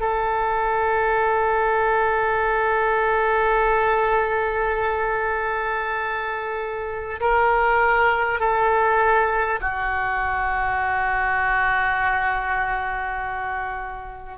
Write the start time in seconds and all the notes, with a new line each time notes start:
0.00 A4
7.21 A#4
8.40 A4
9.61 F#4